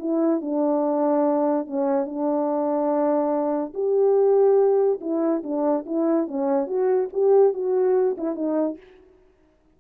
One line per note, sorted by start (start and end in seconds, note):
0.00 0.42 E4
0.42 1.67 D4
1.67 2.06 C#4
2.06 3.74 D4
3.74 5.00 G4
5.01 5.43 E4
5.44 5.86 D4
5.86 6.28 E4
6.28 6.67 C#4
6.67 7.09 F#4
7.13 7.54 G4
7.54 8.17 F#4
8.18 8.36 E4
8.36 8.77 D#4